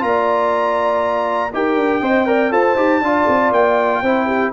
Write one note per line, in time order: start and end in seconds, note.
0.00 1.53 A#3
0.00 1.50 F4
0.00 1.53 A#5
0.06 1.55 D5
1.54 1.76 D#4
1.54 2.04 G4
1.54 2.02 A#4
1.54 2.53 G5
1.76 2.01 D4
2.02 2.52 C4
2.02 2.27 C5
2.02 2.27 D#5
2.27 2.51 A#4
2.27 2.52 D5
2.51 2.76 F4
2.51 2.76 A4
2.51 3.02 C5
2.51 3.53 A5
2.76 3.01 D#4
2.76 3.02 G4
3.01 3.26 D4
3.01 4.05 F4
3.01 4.03 D5
3.29 3.52 C4
3.52 4.02 A#3
3.52 4.53 G5
4.03 4.53 C4
4.03 4.54 E4
4.03 4.27 C5
4.27 4.52 G4